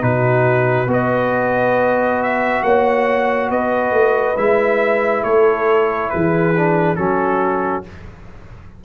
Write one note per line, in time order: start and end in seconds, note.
0.00 0.87 B2
0.00 0.87 D#4
0.00 0.90 F#4
0.00 0.90 B4
0.87 2.61 B3
0.87 4.36 F#4
0.87 2.64 B4
0.87 2.23 D#5
2.23 2.63 E5
2.63 3.50 A#3
2.63 3.51 C#5
2.63 3.50 F#5
3.50 3.92 B3
3.50 5.24 B4
3.50 4.37 D#5
3.92 4.35 A3
4.37 5.24 G#3
4.37 6.55 E4
4.37 5.23 E5
5.23 6.11 A3
5.23 6.11 A4
5.23 6.10 C#5
6.10 6.97 E3
6.10 6.97 G#4
6.10 6.96 B4
6.56 6.97 D4
6.96 7.84 F#3
6.96 7.84 C#4
6.96 7.84 F#4
6.96 7.83 A4